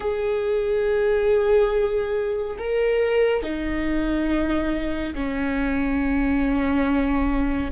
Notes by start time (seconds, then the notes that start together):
0.00 G#4
2.58 A#4
3.42 D#4
5.14 C#4